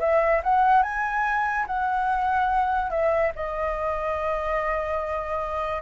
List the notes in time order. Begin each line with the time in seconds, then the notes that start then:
0.00 E5
0.44 F#5
0.83 G#5
1.67 F#5
2.91 E5
3.36 D#5